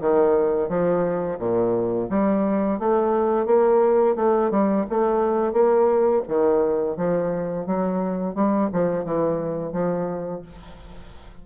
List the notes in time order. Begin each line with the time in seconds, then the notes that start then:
0.00 D#3
0.68 F3
1.39 A#2
2.09 G3
2.79 A3
3.45 A#3
4.15 A3
4.50 G3
4.89 A3
5.52 A#3
6.28 D#3
6.96 F3
7.66 F#3
8.34 G3
8.72 F3
9.04 E3
9.72 F3